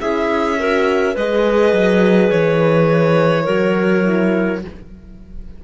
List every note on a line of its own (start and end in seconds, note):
0.00 1.15 C#4
0.00 0.58 E4
0.00 0.58 G#4
0.00 1.15 E5
0.59 1.16 F#4
0.59 1.14 A#4
1.14 1.72 G#3
1.14 3.45 G#4
1.14 3.44 B4
1.14 2.30 D#5
1.72 2.30 F#3
2.30 3.47 E3
2.30 4.61 C#5
3.44 4.64 F#3
3.44 4.03 F#4
3.44 4.60 A#4
4.03 4.61 E4